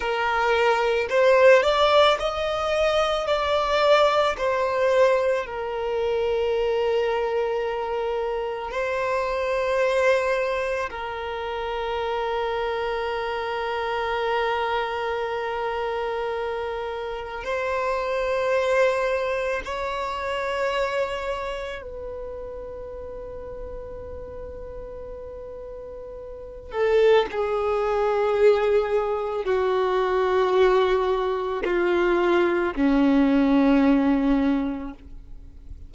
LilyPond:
\new Staff \with { instrumentName = "violin" } { \time 4/4 \tempo 4 = 55 ais'4 c''8 d''8 dis''4 d''4 | c''4 ais'2. | c''2 ais'2~ | ais'1 |
c''2 cis''2 | b'1~ | b'8 a'8 gis'2 fis'4~ | fis'4 f'4 cis'2 | }